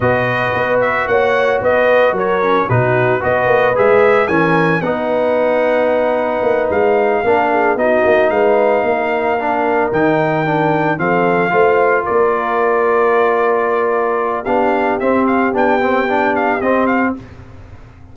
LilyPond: <<
  \new Staff \with { instrumentName = "trumpet" } { \time 4/4 \tempo 4 = 112 dis''4. e''8 fis''4 dis''4 | cis''4 b'4 dis''4 e''4 | gis''4 fis''2.~ | fis''8 f''2 dis''4 f''8~ |
f''2~ f''8 g''4.~ | g''8 f''2 d''4.~ | d''2. f''4 | e''8 f''8 g''4. f''8 dis''8 f''8 | }
  \new Staff \with { instrumentName = "horn" } { \time 4/4 b'2 cis''4 b'4 | ais'4 fis'4 b'2 | ais'4 b'2.~ | b'4. ais'8 gis'8 fis'4 b'8~ |
b'8 ais'2.~ ais'8~ | ais'8 a'4 c''4 ais'4.~ | ais'2. g'4~ | g'1 | }
  \new Staff \with { instrumentName = "trombone" } { \time 4/4 fis'1~ | fis'8 cis'8 dis'4 fis'4 gis'4 | cis'4 dis'2.~ | dis'4. d'4 dis'4.~ |
dis'4. d'4 dis'4 d'8~ | d'8 c'4 f'2~ f'8~ | f'2. d'4 | c'4 d'8 c'8 d'4 c'4 | }
  \new Staff \with { instrumentName = "tuba" } { \time 4/4 b,4 b4 ais4 b4 | fis4 b,4 b8 ais8 gis4 | e4 b2. | ais8 gis4 ais4 b8 ais8 gis8~ |
gis8 ais2 dis4.~ | dis8 f4 a4 ais4.~ | ais2. b4 | c'4 b2 c'4 | }
>>